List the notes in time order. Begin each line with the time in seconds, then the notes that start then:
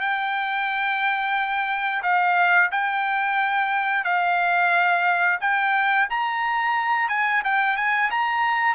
0.00 G5
2.03 F5
2.71 G5
4.04 F5
5.41 G5
6.10 A#5
7.08 G#5
7.44 G5
7.76 G#5
8.11 A#5